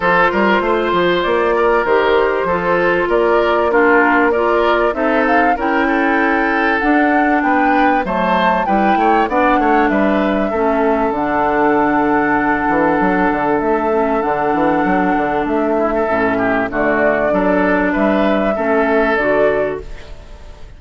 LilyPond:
<<
  \new Staff \with { instrumentName = "flute" } { \time 4/4 \tempo 4 = 97 c''2 d''4 c''4~ | c''4 d''4 ais'4 d''4 | e''8 f''8 g''2 fis''4 | g''4 a''4 g''4 fis''4 |
e''2 fis''2~ | fis''2 e''4 fis''4~ | fis''4 e''2 d''4~ | d''4 e''2 d''4 | }
  \new Staff \with { instrumentName = "oboe" } { \time 4/4 a'8 ais'8 c''4. ais'4. | a'4 ais'4 f'4 ais'4 | a'4 ais'8 a'2~ a'8 | b'4 c''4 b'8 cis''8 d''8 cis''8 |
b'4 a'2.~ | a'1~ | a'4. e'16 a'8. g'8 fis'4 | a'4 b'4 a'2 | }
  \new Staff \with { instrumentName = "clarinet" } { \time 4/4 f'2. g'4 | f'2 d'4 f'4 | dis'4 e'2 d'4~ | d'4 a4 e'4 d'4~ |
d'4 cis'4 d'2~ | d'2~ d'8 cis'8 d'4~ | d'2 cis'4 a4 | d'2 cis'4 fis'4 | }
  \new Staff \with { instrumentName = "bassoon" } { \time 4/4 f8 g8 a8 f8 ais4 dis4 | f4 ais2. | c'4 cis'2 d'4 | b4 fis4 g8 a8 b8 a8 |
g4 a4 d2~ | d8 e8 fis8 d8 a4 d8 e8 | fis8 d8 a4 a,4 d4 | fis4 g4 a4 d4 | }
>>